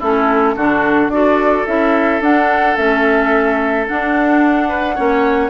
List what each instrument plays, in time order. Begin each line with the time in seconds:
0.00 bassoon A3, clarinet C#4, oboe E4, flute A4
0.57 bassoon D3, clarinet D4, oboe F#4
1.08 bassoon D4, clarinet F#4, flute D5
1.14 oboe A4
1.67 bassoon C#4, clarinet E4, flute E5
2.21 bassoon D4, clarinet D4, flute F#5
2.77 bassoon A3, clarinet C#4, flute E5
3.88 clarinet D4, bassoon D4, flute F#5
4.69 oboe B4
4.96 bassoon A#3, clarinet C#4, oboe C#5